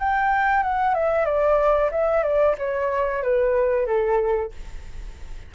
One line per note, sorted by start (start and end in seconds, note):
0.00 0.63 G5
0.63 0.95 F#5
0.95 1.26 E5
1.26 1.91 D5
1.92 2.24 E5
2.24 2.56 D5
2.58 3.23 C#5
3.23 3.87 B4
3.87 4.52 A4